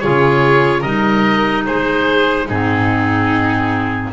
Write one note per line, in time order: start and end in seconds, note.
0.00 0.83 C#3
0.00 0.84 F4
0.00 0.80 G#4
0.00 0.82 C#5
0.80 1.66 G3
0.80 2.49 D#4
0.80 1.62 A#4
0.80 1.64 D#5
1.66 2.49 G#3
1.66 2.47 G#4
1.66 2.48 C5
2.47 4.13 G#2
2.47 4.13 C4
2.47 4.11 D#4
2.47 4.13 G#4